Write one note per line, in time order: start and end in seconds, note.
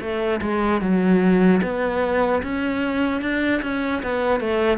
0.00 0.40 A3
0.41 0.81 G#3
0.81 1.61 F#3
1.62 2.42 B3
2.43 3.21 C#4
3.21 3.61 D4
3.62 4.02 C#4
4.03 4.40 B3
4.40 4.77 A3